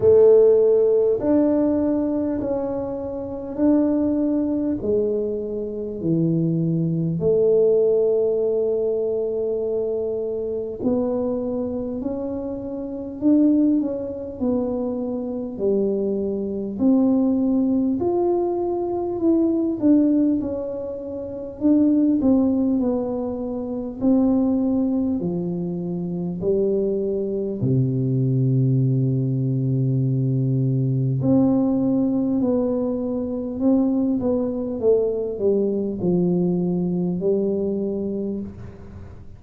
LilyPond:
\new Staff \with { instrumentName = "tuba" } { \time 4/4 \tempo 4 = 50 a4 d'4 cis'4 d'4 | gis4 e4 a2~ | a4 b4 cis'4 d'8 cis'8 | b4 g4 c'4 f'4 |
e'8 d'8 cis'4 d'8 c'8 b4 | c'4 f4 g4 c4~ | c2 c'4 b4 | c'8 b8 a8 g8 f4 g4 | }